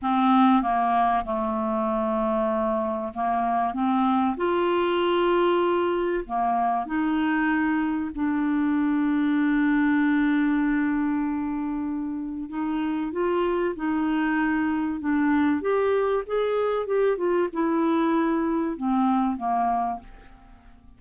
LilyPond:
\new Staff \with { instrumentName = "clarinet" } { \time 4/4 \tempo 4 = 96 c'4 ais4 a2~ | a4 ais4 c'4 f'4~ | f'2 ais4 dis'4~ | dis'4 d'2.~ |
d'1 | dis'4 f'4 dis'2 | d'4 g'4 gis'4 g'8 f'8 | e'2 c'4 ais4 | }